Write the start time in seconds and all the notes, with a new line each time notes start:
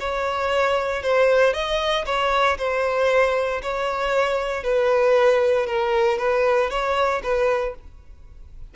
0.00 C#5
1.03 C5
1.53 D#5
2.06 C#5
2.58 C5
3.62 C#5
4.64 B4
5.67 A#4
6.18 B4
6.70 C#5
7.23 B4